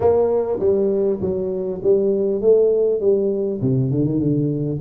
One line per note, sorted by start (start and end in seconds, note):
0.00 0.58 A#3
0.59 1.19 G3
1.21 1.81 F#3
1.83 2.41 G3
2.41 3.00 A3
3.00 3.60 G3
3.61 3.90 C3
3.90 4.05 D3
4.05 4.19 D#3
4.19 4.79 D3